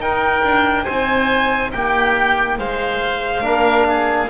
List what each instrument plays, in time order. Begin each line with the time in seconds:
0.00 double bass D#4, trombone D#4, oboe A#4, violin G5
0.44 double bass D4
0.84 double bass C4, oboe C5, violin G#5
1.72 double bass A#3, oboe G4, violin G5
2.58 double bass G#3, oboe C5, violin F5
3.41 double bass A#3, trombone D4, oboe A#4
3.89 oboe G#4